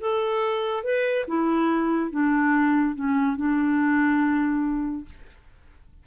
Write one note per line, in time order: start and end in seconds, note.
0.00 0.84 A4
0.84 1.26 B4
1.28 2.11 E4
2.11 2.95 D4
2.95 3.36 C#4
3.36 5.05 D4